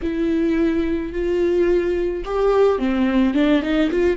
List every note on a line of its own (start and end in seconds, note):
0.02 1.12 E4
1.12 2.24 F4
2.24 2.78 G4
2.78 3.34 C4
3.34 3.61 D4
3.62 3.89 D#4
3.90 4.17 F4